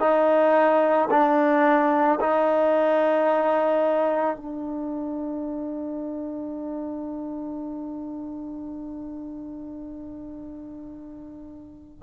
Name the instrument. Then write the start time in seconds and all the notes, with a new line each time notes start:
trombone
0.00 D#4
1.11 D4
2.21 D#4
4.37 D4